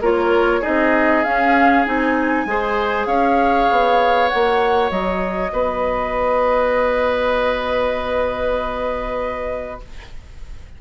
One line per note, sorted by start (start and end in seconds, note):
0.00 0.61 A#3
0.00 0.62 F4
0.00 0.61 A#4
0.00 0.63 C#5
0.61 1.25 C4
0.61 1.23 D#4
0.61 2.44 G#4
0.61 1.24 D#5
1.24 1.86 C#4
1.24 1.85 C#4
1.24 1.85 F5
1.85 2.45 C4
1.85 2.47 D#4
1.85 3.06 G#5
2.45 3.06 G#3
2.45 4.29 G#4
2.45 3.07 C5
3.06 3.67 C#4
3.06 5.52 C#5
3.06 4.28 F5
3.70 4.31 B3
4.29 4.91 A#3
4.29 9.80 F#4
4.29 4.90 F#5
4.90 5.52 F#3
4.90 9.80 D#5
5.52 9.80 B3
5.52 9.81 B4